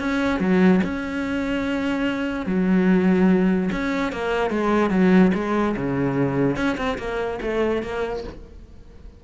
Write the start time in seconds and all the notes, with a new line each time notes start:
0.00 C#4
0.40 F#3
0.84 C#4
2.47 F#3
3.72 C#4
4.13 A#3
4.51 G#3
4.91 F#3
5.35 G#3
5.77 C#3
6.57 C#4
6.78 C4
6.99 A#3
7.42 A3
7.83 A#3